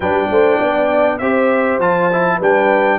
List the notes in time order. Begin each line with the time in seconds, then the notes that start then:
0.00 G3 D4 B4 G5
0.29 A3 C5
0.58 B3 D5
1.18 C4 G4 C5 E5
1.79 F3 F4 A5
2.12 E4
2.37 G3 D4 B4 G5